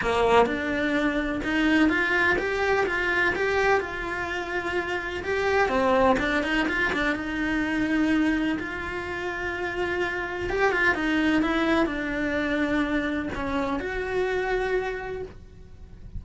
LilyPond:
\new Staff \with { instrumentName = "cello" } { \time 4/4 \tempo 4 = 126 ais4 d'2 dis'4 | f'4 g'4 f'4 g'4 | f'2. g'4 | c'4 d'8 dis'8 f'8 d'8 dis'4~ |
dis'2 f'2~ | f'2 g'8 f'8 dis'4 | e'4 d'2. | cis'4 fis'2. | }